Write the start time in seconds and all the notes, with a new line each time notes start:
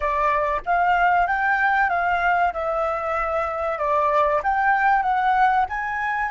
0.00 D5
0.65 F5
1.27 G5
1.89 F5
2.53 E5
3.78 D5
4.43 G5
5.02 F#5
5.69 G#5